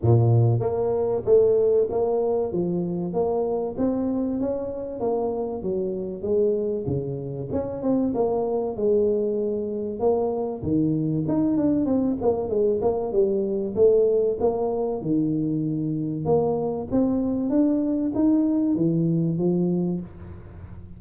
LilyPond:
\new Staff \with { instrumentName = "tuba" } { \time 4/4 \tempo 4 = 96 ais,4 ais4 a4 ais4 | f4 ais4 c'4 cis'4 | ais4 fis4 gis4 cis4 | cis'8 c'8 ais4 gis2 |
ais4 dis4 dis'8 d'8 c'8 ais8 | gis8 ais8 g4 a4 ais4 | dis2 ais4 c'4 | d'4 dis'4 e4 f4 | }